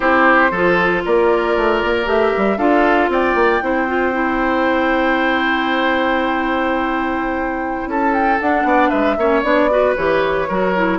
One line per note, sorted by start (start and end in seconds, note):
0.00 0.51 C4
0.00 0.50 E4
0.00 0.51 G4
0.00 1.03 C5
0.51 1.02 F3
0.51 2.05 F4
0.51 1.02 A4
1.04 1.56 A#3
1.04 2.57 A#4
1.04 2.09 D5
1.56 1.82 A3
1.83 2.06 A#3
2.05 2.32 A3
2.05 2.57 G4
2.05 2.57 E5
2.37 2.57 G3
2.57 3.08 D4
2.57 3.61 F4
2.57 3.09 A4
2.57 3.09 F5
3.08 3.34 C4
3.08 3.63 D5
3.08 7.90 G5
3.34 3.60 A#3
3.61 7.86 C4
3.61 3.87 E4
3.61 7.89 C5
3.87 4.12 F4
4.12 8.39 E4
7.86 8.37 C#4
7.86 8.67 A4
7.86 8.13 A5
8.13 8.39 G5
8.40 8.63 D4
8.40 9.18 D4
8.40 8.89 F#5
8.63 8.89 B3
8.63 8.89 D5
8.89 9.17 G#3
8.89 9.15 B4
8.89 9.41 E5
9.17 9.43 A#3
9.17 9.43 C#4
9.17 9.70 C#5
9.43 9.95 B3
9.43 9.69 D4
9.43 9.94 D5
9.70 9.95 F#4
9.70 10.48 B4
9.96 10.48 E3
9.96 10.48 G4
9.96 10.98 C#5
10.48 10.98 F#3
10.48 10.75 F#4
10.48 10.98 A#4
10.75 10.98 E4